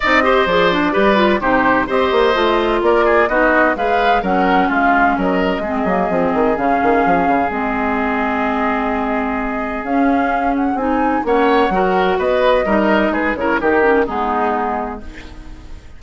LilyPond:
<<
  \new Staff \with { instrumentName = "flute" } { \time 4/4 \tempo 4 = 128 dis''4 d''2 c''4 | dis''2 d''4 dis''4 | f''4 fis''4 f''4 dis''4~ | dis''2 f''2 |
dis''1~ | dis''4 f''4. fis''8 gis''4 | fis''2 dis''2 | b'8 cis''8 ais'4 gis'2 | }
  \new Staff \with { instrumentName = "oboe" } { \time 4/4 d''8 c''4. b'4 g'4 | c''2 ais'8 gis'8 fis'4 | b'4 ais'4 f'4 ais'4 | gis'1~ |
gis'1~ | gis'1 | cis''4 ais'4 b'4 ais'4 | gis'8 ais'8 g'4 dis'2 | }
  \new Staff \with { instrumentName = "clarinet" } { \time 4/4 dis'8 g'8 gis'8 d'8 g'8 f'8 dis'4 | g'4 f'2 dis'4 | gis'4 cis'2. | c'8 ais8 c'4 cis'2 |
c'1~ | c'4 cis'2 dis'4 | cis'4 fis'2 dis'4~ | dis'8 e'8 dis'8 cis'8 b2 | }
  \new Staff \with { instrumentName = "bassoon" } { \time 4/4 c'4 f4 g4 c4 | c'8 ais8 a4 ais4 b4 | gis4 fis4 gis4 fis4 | gis8 fis8 f8 dis8 cis8 dis8 f8 cis8 |
gis1~ | gis4 cis'2 c'4 | ais4 fis4 b4 g4 | gis8 cis8 dis4 gis2 | }
>>